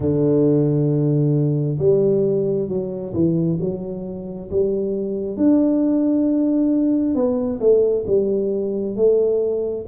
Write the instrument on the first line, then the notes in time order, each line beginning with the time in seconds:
tuba
0.00 D3
1.78 G3
2.68 F#3
3.13 E3
3.60 F#3
4.50 G3
5.36 D4
7.14 B3
7.60 A3
8.06 G3
8.96 A3